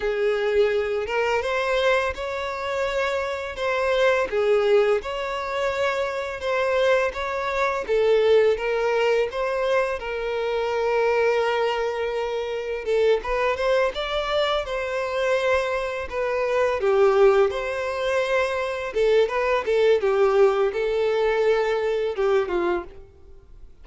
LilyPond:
\new Staff \with { instrumentName = "violin" } { \time 4/4 \tempo 4 = 84 gis'4. ais'8 c''4 cis''4~ | cis''4 c''4 gis'4 cis''4~ | cis''4 c''4 cis''4 a'4 | ais'4 c''4 ais'2~ |
ais'2 a'8 b'8 c''8 d''8~ | d''8 c''2 b'4 g'8~ | g'8 c''2 a'8 b'8 a'8 | g'4 a'2 g'8 f'8 | }